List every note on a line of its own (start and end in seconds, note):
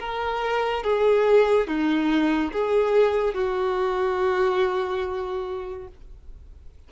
0.00 0.84 A#4
0.84 1.67 G#4
1.67 2.52 D#4
2.53 3.35 G#4
3.35 5.88 F#4